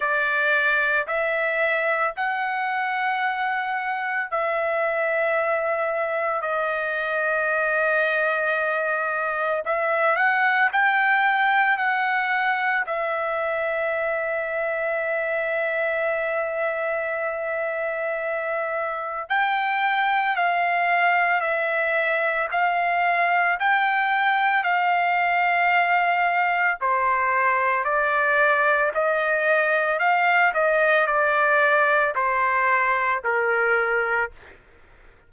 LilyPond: \new Staff \with { instrumentName = "trumpet" } { \time 4/4 \tempo 4 = 56 d''4 e''4 fis''2 | e''2 dis''2~ | dis''4 e''8 fis''8 g''4 fis''4 | e''1~ |
e''2 g''4 f''4 | e''4 f''4 g''4 f''4~ | f''4 c''4 d''4 dis''4 | f''8 dis''8 d''4 c''4 ais'4 | }